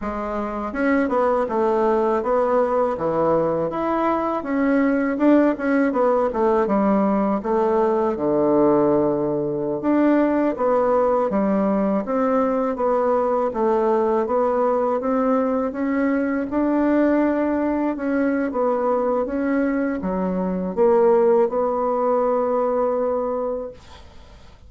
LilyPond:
\new Staff \with { instrumentName = "bassoon" } { \time 4/4 \tempo 4 = 81 gis4 cis'8 b8 a4 b4 | e4 e'4 cis'4 d'8 cis'8 | b8 a8 g4 a4 d4~ | d4~ d16 d'4 b4 g8.~ |
g16 c'4 b4 a4 b8.~ | b16 c'4 cis'4 d'4.~ d'16~ | d'16 cis'8. b4 cis'4 fis4 | ais4 b2. | }